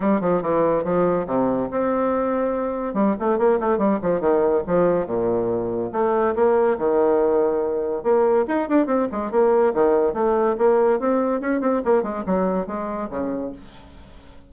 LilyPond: \new Staff \with { instrumentName = "bassoon" } { \time 4/4 \tempo 4 = 142 g8 f8 e4 f4 c4 | c'2. g8 a8 | ais8 a8 g8 f8 dis4 f4 | ais,2 a4 ais4 |
dis2. ais4 | dis'8 d'8 c'8 gis8 ais4 dis4 | a4 ais4 c'4 cis'8 c'8 | ais8 gis8 fis4 gis4 cis4 | }